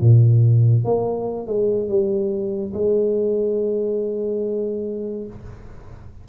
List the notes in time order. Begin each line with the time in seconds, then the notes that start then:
0.00 A#2
0.84 A#3
1.46 G#3
1.88 G3
2.73 G#3